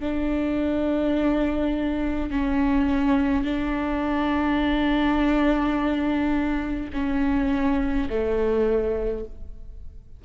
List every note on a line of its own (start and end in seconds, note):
0.00 2.31 D4
2.31 3.44 C#4
3.44 6.90 D4
6.93 8.08 C#4
8.09 9.25 A3